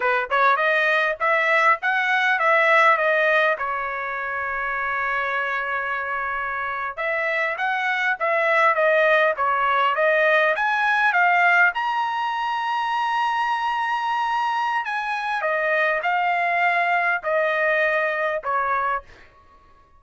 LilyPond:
\new Staff \with { instrumentName = "trumpet" } { \time 4/4 \tempo 4 = 101 b'8 cis''8 dis''4 e''4 fis''4 | e''4 dis''4 cis''2~ | cis''2.~ cis''8. e''16~ | e''8. fis''4 e''4 dis''4 cis''16~ |
cis''8. dis''4 gis''4 f''4 ais''16~ | ais''1~ | ais''4 gis''4 dis''4 f''4~ | f''4 dis''2 cis''4 | }